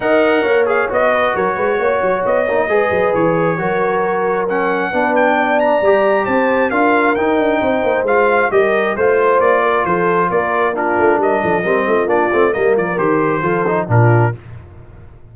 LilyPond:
<<
  \new Staff \with { instrumentName = "trumpet" } { \time 4/4 \tempo 4 = 134 fis''4. f''8 dis''4 cis''4~ | cis''4 dis''2 cis''4~ | cis''2 fis''4. g''8~ | g''8 ais''4. a''4 f''4 |
g''2 f''4 dis''4 | c''4 d''4 c''4 d''4 | ais'4 dis''2 d''4 | dis''8 d''8 c''2 ais'4 | }
  \new Staff \with { instrumentName = "horn" } { \time 4/4 dis''4 cis''4. b'8 ais'8 b'8 | cis''2 b'2 | ais'2. b'4 | d''2 c''4 ais'4~ |
ais'4 c''2 ais'4 | c''4. ais'8 a'4 ais'4 | f'4 ais'8 a'8 ais'8 f'4. | ais'2 a'4 f'4 | }
  \new Staff \with { instrumentName = "trombone" } { \time 4/4 ais'4. gis'8 fis'2~ | fis'4. dis'8 gis'2 | fis'2 cis'4 d'4~ | d'4 g'2 f'4 |
dis'2 f'4 g'4 | f'1 | d'2 c'4 d'8 c'8 | ais4 g'4 f'8 dis'8 d'4 | }
  \new Staff \with { instrumentName = "tuba" } { \time 4/4 dis'4 ais4 b4 fis8 gis8 | ais8 fis8 b8 ais8 gis8 fis8 e4 | fis2. b4~ | b4 g4 c'4 d'4 |
dis'8 d'8 c'8 ais8 gis4 g4 | a4 ais4 f4 ais4~ | ais8 a8 g8 f8 g8 a8 ais8 a8 | g8 f8 dis4 f4 ais,4 | }
>>